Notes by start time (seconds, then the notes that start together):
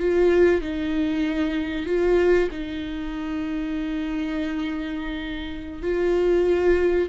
0.00 F4
0.61 D#4
1.86 F4
2.51 D#4
5.83 F4